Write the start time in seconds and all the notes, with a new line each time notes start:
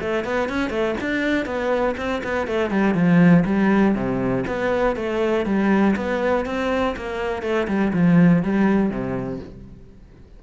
0.00 A3
0.24 B3
0.48 C#4
0.70 A3
1.01 D4
1.45 B3
1.97 C4
2.23 B3
2.47 A3
2.70 G3
2.94 F3
3.45 G3
3.94 C3
4.47 B3
4.95 A3
5.45 G3
5.95 B3
6.45 C4
6.96 A#3
7.42 A3
7.67 G3
7.93 F3
8.43 G3
8.90 C3